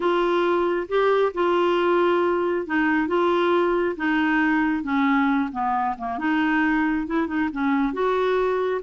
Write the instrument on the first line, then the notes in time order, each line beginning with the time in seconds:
clarinet
0.00 F4
0.88 G4
1.34 F4
2.66 D#4
3.07 F4
3.96 D#4
4.83 C#4
5.52 B3
5.98 A#3
6.18 D#4
7.06 E4
7.27 D#4
7.52 C#4
7.93 F#4